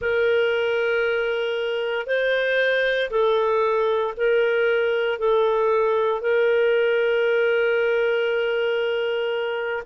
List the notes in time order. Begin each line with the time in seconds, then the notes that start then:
0.00 A#4
2.06 C5
3.10 A4
4.17 A#4
5.18 A4
6.21 A#4